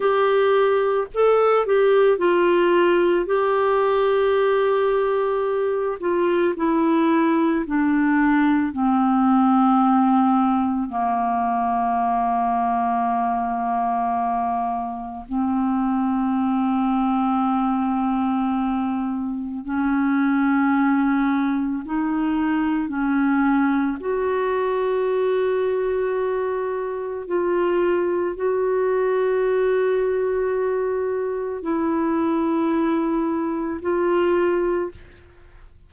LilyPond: \new Staff \with { instrumentName = "clarinet" } { \time 4/4 \tempo 4 = 55 g'4 a'8 g'8 f'4 g'4~ | g'4. f'8 e'4 d'4 | c'2 ais2~ | ais2 c'2~ |
c'2 cis'2 | dis'4 cis'4 fis'2~ | fis'4 f'4 fis'2~ | fis'4 e'2 f'4 | }